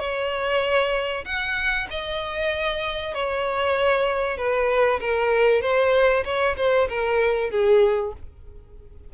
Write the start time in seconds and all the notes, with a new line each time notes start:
0.00 C#5
1.25 F#5
1.91 D#5
3.14 C#5
4.38 B4
5.01 A#4
5.62 C5
6.25 C#5
6.57 C5
6.90 A#4
7.51 G#4